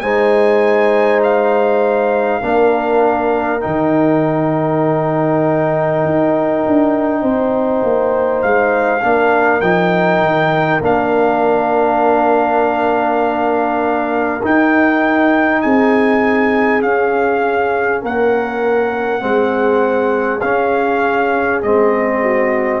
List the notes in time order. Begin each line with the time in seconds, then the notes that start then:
0.00 G#3 D#4 C5 G#5
1.23 F5
2.42 A#3 D4 A#4
3.60 D#3 D#4 G5
6.04 D#4
6.67 D4
7.21 C4 C5
7.83 A#3
8.42 G#3 F5
9.01 A#3 D4 A#4
9.61 F3 D#4 G5
10.21 D#3
10.80 A#3 D4 F5
14.43 D#4 G5
15.61 C4 G#4 G#5
16.81 C#4 F5
18.02 A#3 A#4 F#5
19.20 G#3 C4 G#4
20.40 C#4 F5
21.62 G#3 C4 D#5
22.23 F#4